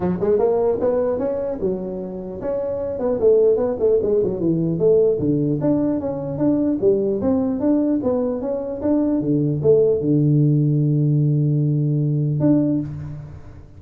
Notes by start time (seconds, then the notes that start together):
0.00 F#3
0.20 G#3
0.39 A#3
0.80 B3
1.19 C#4
1.61 F#3
2.41 C#4
2.99 B3
3.19 A3
3.56 B3
3.79 A3
4.02 G#3
4.23 F#3
4.40 E3
4.79 A3
5.19 D3
5.60 D4
6.00 C#4
6.38 D4
6.80 G3
7.21 C4
7.60 D4
8.03 B3
8.41 C#4
8.81 D4
9.21 D3
9.62 A3
10.00 D3
12.40 D4